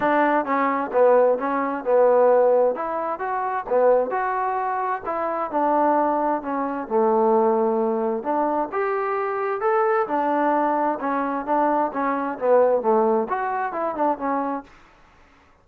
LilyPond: \new Staff \with { instrumentName = "trombone" } { \time 4/4 \tempo 4 = 131 d'4 cis'4 b4 cis'4 | b2 e'4 fis'4 | b4 fis'2 e'4 | d'2 cis'4 a4~ |
a2 d'4 g'4~ | g'4 a'4 d'2 | cis'4 d'4 cis'4 b4 | a4 fis'4 e'8 d'8 cis'4 | }